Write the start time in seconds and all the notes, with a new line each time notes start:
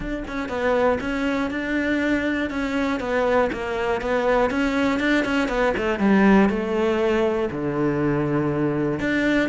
0.00 D4
0.27 C#4
0.48 B3
1.00 C#4
1.50 D4
2.50 C#4
3.00 B3
3.52 A#3
4.01 B3
4.50 C#4
4.99 D4
5.24 C#4
5.48 B3
5.77 A3
5.99 G3
6.49 A3
7.51 D3
8.99 D4